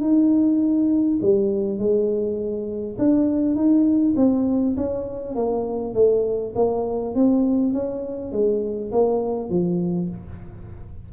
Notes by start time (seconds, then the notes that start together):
0.00 D#4
1.21 G3
1.78 G#3
2.98 D4
3.55 D#4
4.16 C4
4.76 C#4
5.35 A#3
5.94 A3
6.55 A#3
7.14 C4
7.73 C#4
8.31 G#3
8.91 A#3
9.49 F3